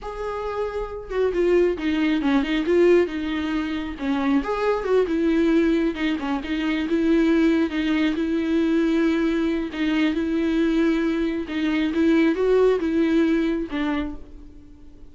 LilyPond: \new Staff \with { instrumentName = "viola" } { \time 4/4 \tempo 4 = 136 gis'2~ gis'8 fis'8 f'4 | dis'4 cis'8 dis'8 f'4 dis'4~ | dis'4 cis'4 gis'4 fis'8 e'8~ | e'4. dis'8 cis'8 dis'4 e'8~ |
e'4. dis'4 e'4.~ | e'2 dis'4 e'4~ | e'2 dis'4 e'4 | fis'4 e'2 d'4 | }